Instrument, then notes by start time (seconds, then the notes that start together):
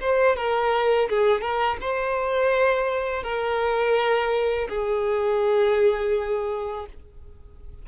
violin
0.00 C5
0.36 A#4
1.09 G#4
1.41 A#4
1.80 C5
3.23 A#4
4.69 G#4